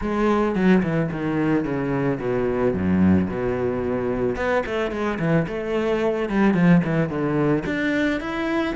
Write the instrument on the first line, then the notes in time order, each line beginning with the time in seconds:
cello
0.01 G#3
0.55 F#3
0.82 E3
1.11 D#3
1.64 C#3
2.20 B2
2.73 F#2
3.29 B2
4.35 B3
4.65 A3
4.91 G#3
5.19 E3
5.47 A3
6.29 G3
6.54 F3
6.84 E3
7.09 D3
7.66 D4
8.20 E4